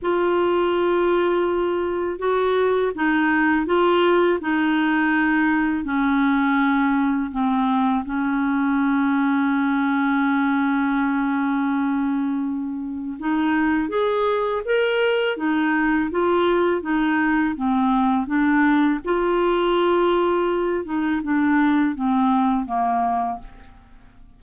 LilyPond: \new Staff \with { instrumentName = "clarinet" } { \time 4/4 \tempo 4 = 82 f'2. fis'4 | dis'4 f'4 dis'2 | cis'2 c'4 cis'4~ | cis'1~ |
cis'2 dis'4 gis'4 | ais'4 dis'4 f'4 dis'4 | c'4 d'4 f'2~ | f'8 dis'8 d'4 c'4 ais4 | }